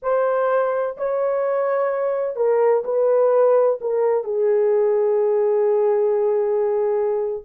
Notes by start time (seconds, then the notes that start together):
0.02 C5
0.97 C#5
2.36 A#4
2.84 B4
3.80 A#4
4.24 G#4